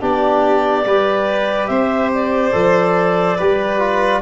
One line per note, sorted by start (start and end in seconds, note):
0.00 0.86 B3
0.00 0.85 D4
0.00 0.85 G4
0.00 1.67 D5
0.86 1.69 G3
0.86 2.52 G4
0.86 1.69 B4
1.67 2.54 C4
1.67 3.37 C5
1.67 2.10 E5
2.14 4.22 D5
2.52 3.38 F3
2.52 3.37 A4
3.37 4.22 G3
3.37 3.79 G4
3.37 4.21 B4
3.79 4.21 F4